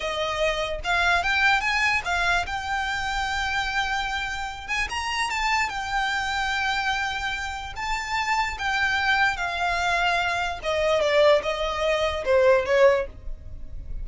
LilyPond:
\new Staff \with { instrumentName = "violin" } { \time 4/4 \tempo 4 = 147 dis''2 f''4 g''4 | gis''4 f''4 g''2~ | g''2.~ g''8 gis''8 | ais''4 a''4 g''2~ |
g''2. a''4~ | a''4 g''2 f''4~ | f''2 dis''4 d''4 | dis''2 c''4 cis''4 | }